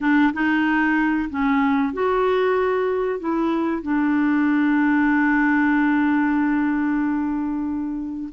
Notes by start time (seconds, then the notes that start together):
0.00 D4
0.33 D#4
1.30 C#4
1.93 F#4
3.19 E4
3.82 D4